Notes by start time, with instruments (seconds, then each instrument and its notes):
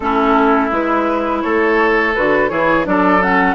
0.00 bassoon A3, clarinet C#4, oboe E4, flute A4
0.71 bassoon G#3, clarinet E4, flute B4
1.42 bassoon A3, oboe A4, flute C#5
2.14 bassoon D3, clarinet F#4, flute B4
2.49 bassoon E3, clarinet E4, oboe G#4, flute C#5
2.84 bassoon F#3, clarinet D4, oboe A4, flute D5
3.22 clarinet C#4, flute F#5